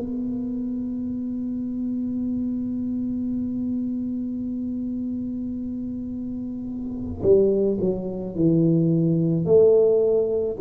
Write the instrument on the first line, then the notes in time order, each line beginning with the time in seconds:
tuba
0.00 B3
7.23 G3
7.80 F#3
8.35 E3
9.45 A3